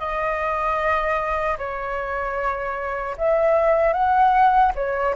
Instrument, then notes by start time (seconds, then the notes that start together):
flute
0.00 D#5
1.58 C#5
3.18 E5
3.93 F#5
4.75 C#5